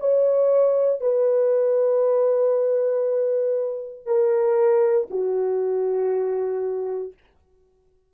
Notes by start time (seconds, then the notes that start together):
0.00 C#5
1.01 B4
4.06 A#4
5.10 F#4